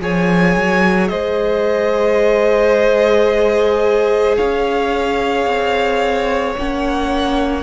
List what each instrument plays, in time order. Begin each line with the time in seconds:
0.00 cello F3, viola G#4, violin C#5 G#5
0.56 cello F#3
1.08 cello G#3, violin C5 D#5
4.37 cello C#4, violin C#5 F5
5.46 cello C4
6.57 cello A#3, viola C#4, violin F#5